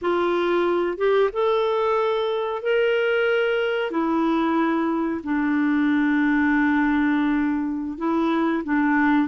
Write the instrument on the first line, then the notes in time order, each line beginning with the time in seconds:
clarinet
0.01 F4
0.97 G4
1.32 A4
2.62 A#4
3.90 E4
5.23 D4
7.98 E4
8.64 D4